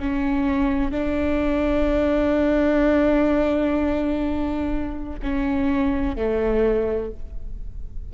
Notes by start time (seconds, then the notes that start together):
0.00 C#4
0.91 D4
5.23 C#4
6.16 A3